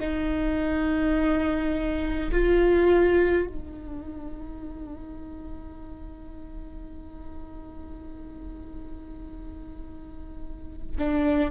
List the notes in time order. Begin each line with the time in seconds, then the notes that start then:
0.00 D#4
2.32 F4
3.47 D#4
10.98 D4